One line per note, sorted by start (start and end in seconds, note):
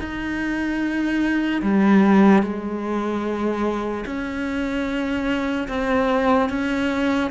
0.00 1.62 D#4
1.63 2.43 G3
2.43 4.05 G#3
4.06 5.68 C#4
5.69 6.50 C4
6.50 7.31 C#4